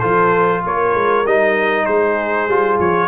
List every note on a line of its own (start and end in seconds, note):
0.00 0.65 F3
0.00 1.26 F4
0.00 0.62 A4
0.00 0.62 C5
0.64 0.94 A#3
0.64 1.87 A#4
0.64 1.27 C#5
0.94 1.25 G#3
1.25 1.87 G3
1.25 2.50 D#4
1.25 1.86 D#5
1.86 2.48 G#3
1.86 3.08 G#4
1.86 2.79 C5
2.48 2.78 G3
2.48 3.08 F4
2.79 3.08 F3
2.79 3.08 C#5